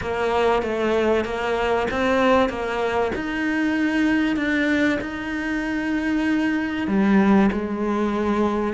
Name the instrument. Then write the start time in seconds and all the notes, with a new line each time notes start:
cello
0.01 A#3
0.62 A3
1.24 A#3
1.90 C4
2.49 A#3
3.15 D#4
4.36 D4
5.00 D#4
6.87 G3
7.51 G#3